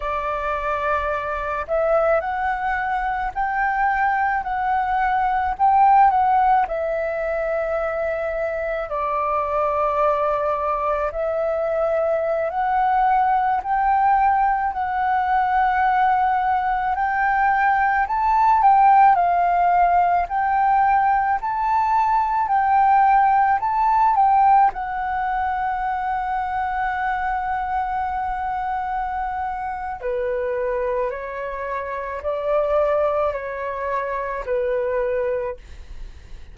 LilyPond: \new Staff \with { instrumentName = "flute" } { \time 4/4 \tempo 4 = 54 d''4. e''8 fis''4 g''4 | fis''4 g''8 fis''8 e''2 | d''2 e''4~ e''16 fis''8.~ | fis''16 g''4 fis''2 g''8.~ |
g''16 a''8 g''8 f''4 g''4 a''8.~ | a''16 g''4 a''8 g''8 fis''4.~ fis''16~ | fis''2. b'4 | cis''4 d''4 cis''4 b'4 | }